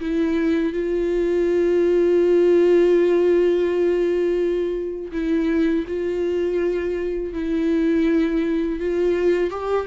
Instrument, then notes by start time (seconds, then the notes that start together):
viola
0.00 E4
0.73 F4
5.12 E4
5.87 F4
7.33 E4
8.80 F4
9.50 G4